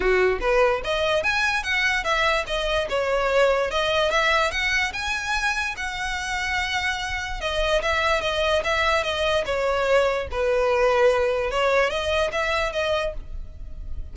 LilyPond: \new Staff \with { instrumentName = "violin" } { \time 4/4 \tempo 4 = 146 fis'4 b'4 dis''4 gis''4 | fis''4 e''4 dis''4 cis''4~ | cis''4 dis''4 e''4 fis''4 | gis''2 fis''2~ |
fis''2 dis''4 e''4 | dis''4 e''4 dis''4 cis''4~ | cis''4 b'2. | cis''4 dis''4 e''4 dis''4 | }